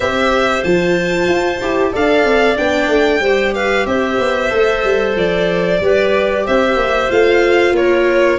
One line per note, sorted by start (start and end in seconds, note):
0.00 0.61 C4
0.00 0.65 G4
0.00 1.92 C5
0.00 0.63 E5
0.63 1.28 F3
0.63 1.61 F4
0.63 1.92 A5
1.28 1.60 F4
1.61 1.93 E4
1.61 1.92 G4
1.92 2.24 D4
1.92 2.56 A4
1.92 3.21 D5
1.92 2.57 F5
2.24 2.56 C4
2.56 2.88 B3
2.56 3.21 D4
2.56 3.54 G5
2.88 3.20 A3
3.20 3.84 G3
3.20 3.53 C5
3.27 4.50 G4
3.54 3.87 B4
3.54 3.86 F5
3.85 4.17 C4
3.85 5.81 C5
3.85 5.15 E5
4.19 4.51 B3
4.50 4.83 A3
4.50 5.79 A4
4.83 5.15 G3
5.15 5.80 F3
5.15 6.46 D5
5.80 6.45 G3
5.80 7.09 G4
5.80 6.45 B4
6.45 6.75 C4
6.45 7.74 C5
6.45 7.11 E5
6.75 7.08 A#3
7.09 7.72 A3
7.09 8.38 F4
7.09 7.75 F5
7.72 8.36 A#3
7.72 8.38 A#4
7.72 8.38 C#5